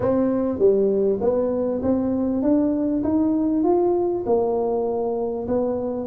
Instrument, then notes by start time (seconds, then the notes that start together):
tuba
0.00 C4
0.58 G3
1.21 B3
1.82 C4
2.42 D4
3.03 D#4
3.63 F4
4.26 A#3
5.47 B3